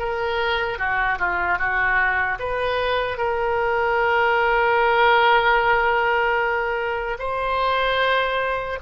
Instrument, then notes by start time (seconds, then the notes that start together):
oboe
0.00 A#4
0.79 F#4
1.19 F4
1.59 F#4
2.40 B4
3.18 A#4
7.19 C5